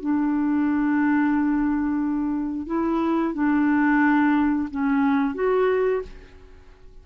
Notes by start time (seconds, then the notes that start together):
0.00 D4
2.66 E4
3.33 D4
4.70 C#4
5.34 F#4